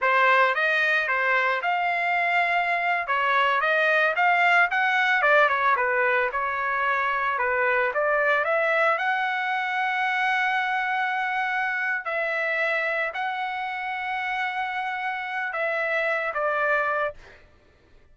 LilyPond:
\new Staff \with { instrumentName = "trumpet" } { \time 4/4 \tempo 4 = 112 c''4 dis''4 c''4 f''4~ | f''4.~ f''16 cis''4 dis''4 f''16~ | f''8. fis''4 d''8 cis''8 b'4 cis''16~ | cis''4.~ cis''16 b'4 d''4 e''16~ |
e''8. fis''2.~ fis''16~ | fis''2~ fis''8 e''4.~ | e''8 fis''2.~ fis''8~ | fis''4 e''4. d''4. | }